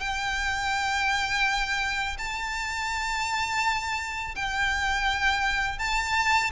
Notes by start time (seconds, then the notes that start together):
0.00 G5
2.18 A5
4.35 G5
5.79 A5